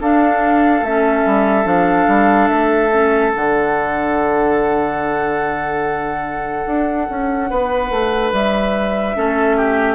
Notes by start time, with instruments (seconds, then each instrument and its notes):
0.00 bassoon D4, clarinet D4, oboe A4, flute F5
0.81 bassoon A3, clarinet C#4, flute E5
1.25 bassoon G3
1.64 bassoon F3, clarinet D4, flute F5
2.07 bassoon G3
2.47 bassoon A3, flute E5
2.92 clarinet C#4
3.32 bassoon D3, clarinet D4, flute F#5
6.66 bassoon D4
7.09 bassoon C#4
7.50 bassoon B3, oboe B4
7.90 bassoon A3
8.32 bassoon G3, flute E5
9.15 bassoon A3, clarinet C#4, oboe A4
9.56 oboe G4